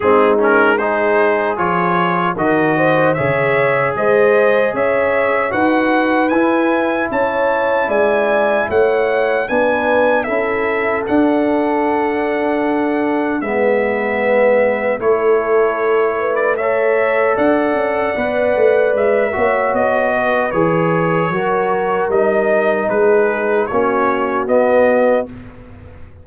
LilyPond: <<
  \new Staff \with { instrumentName = "trumpet" } { \time 4/4 \tempo 4 = 76 gis'8 ais'8 c''4 cis''4 dis''4 | e''4 dis''4 e''4 fis''4 | gis''4 a''4 gis''4 fis''4 | gis''4 e''4 fis''2~ |
fis''4 e''2 cis''4~ | cis''8. d''16 e''4 fis''2 | e''4 dis''4 cis''2 | dis''4 b'4 cis''4 dis''4 | }
  \new Staff \with { instrumentName = "horn" } { \time 4/4 dis'4 gis'2 ais'8 c''8 | cis''4 c''4 cis''4 b'4~ | b'4 cis''4 d''4 cis''4 | b'4 a'2.~ |
a'4 b'2 a'4~ | a'8 b'8 cis''4 d''2~ | d''8 cis''4 b'4. ais'4~ | ais'4 gis'4 fis'2 | }
  \new Staff \with { instrumentName = "trombone" } { \time 4/4 c'8 cis'8 dis'4 f'4 fis'4 | gis'2. fis'4 | e'1 | d'4 e'4 d'2~ |
d'4 b2 e'4~ | e'4 a'2 b'4~ | b'8 fis'4. gis'4 fis'4 | dis'2 cis'4 b4 | }
  \new Staff \with { instrumentName = "tuba" } { \time 4/4 gis2 f4 dis4 | cis4 gis4 cis'4 dis'4 | e'4 cis'4 gis4 a4 | b4 cis'4 d'2~ |
d'4 gis2 a4~ | a2 d'8 cis'8 b8 a8 | gis8 ais8 b4 e4 fis4 | g4 gis4 ais4 b4 | }
>>